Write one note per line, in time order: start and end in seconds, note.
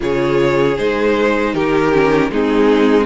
0.00 0.77 C#3
0.00 0.76 F4
0.00 1.54 G#4
0.00 0.77 C#5
0.77 1.54 G#3
0.77 1.92 D#4
0.77 1.54 C5
1.54 2.30 D#3
1.54 2.30 G4
1.54 2.31 A#4
1.92 2.30 C#4
2.30 3.05 G#3
2.30 3.05 C4
2.30 3.05 D#4
2.30 3.05 G#4